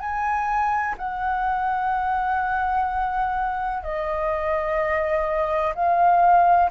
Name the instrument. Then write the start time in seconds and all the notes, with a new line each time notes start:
flute
0.00 G#5
0.98 F#5
3.83 D#5
5.75 F5